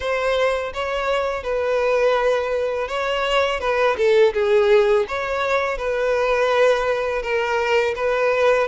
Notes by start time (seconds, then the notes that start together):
0.00 C5
0.73 C#5
1.43 B4
2.88 C#5
3.60 B4
3.97 A4
4.33 G#4
5.08 C#5
5.77 B4
7.22 A#4
7.95 B4